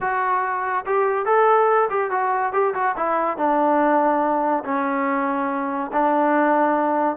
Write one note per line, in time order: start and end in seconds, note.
0.00 0.85 F#4
0.86 1.25 G4
1.25 1.88 A4
1.90 2.10 G4
2.10 2.52 F#4
2.52 2.73 G4
2.74 2.95 F#4
2.96 3.37 E4
3.37 4.63 D4
4.64 5.91 C#4
5.92 7.16 D4